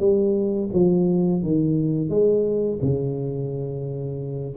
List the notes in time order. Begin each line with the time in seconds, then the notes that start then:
0.00 G3
0.73 F3
1.43 D#3
2.10 G#3
2.82 C#3